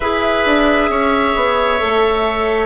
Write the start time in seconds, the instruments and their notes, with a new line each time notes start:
0.00 bassoon E4, clarinet G#4, oboe B4, flute E5
0.45 bassoon D4
0.89 bassoon C#4, oboe C#5
1.35 bassoon B3
1.79 bassoon A3, clarinet A4